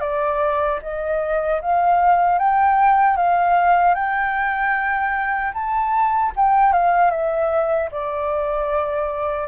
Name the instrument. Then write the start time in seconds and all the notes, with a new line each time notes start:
flute
0.00 D5
0.82 D#5
1.61 F5
2.38 G5
3.16 F5
3.94 G5
5.54 A5
6.36 G5
6.72 F5
7.10 E5
7.91 D5